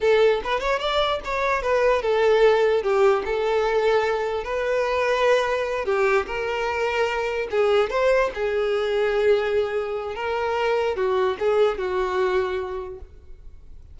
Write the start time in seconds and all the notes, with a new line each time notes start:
0.00 A4
0.43 B4
0.60 C#5
0.79 D5
1.24 C#5
1.62 B4
2.02 A4
2.82 G4
3.25 A4
4.44 B4
5.85 G4
6.26 A#4
7.51 G#4
7.90 C5
8.34 G#4
10.15 A#4
10.96 F#4
11.39 G#4
11.78 F#4